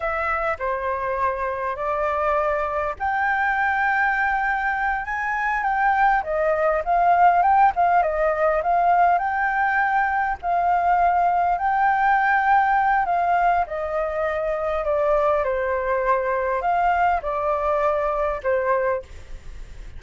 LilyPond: \new Staff \with { instrumentName = "flute" } { \time 4/4 \tempo 4 = 101 e''4 c''2 d''4~ | d''4 g''2.~ | g''8 gis''4 g''4 dis''4 f''8~ | f''8 g''8 f''8 dis''4 f''4 g''8~ |
g''4. f''2 g''8~ | g''2 f''4 dis''4~ | dis''4 d''4 c''2 | f''4 d''2 c''4 | }